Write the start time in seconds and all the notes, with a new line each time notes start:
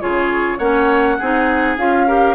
0.00 C#3 F4 G#4 C#5
0.58 A#3 C#4 C#5 F#5
1.18 C4 D#4 G#4
1.77 C#4 F4 F5
2.07 G4 A#4